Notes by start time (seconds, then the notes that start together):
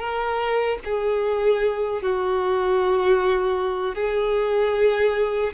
0.00 A#4
0.85 G#4
2.03 F#4
3.95 G#4